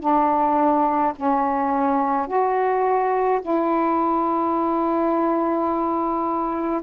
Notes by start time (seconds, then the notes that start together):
0.00 D4
1.16 C#4
2.27 F#4
3.42 E4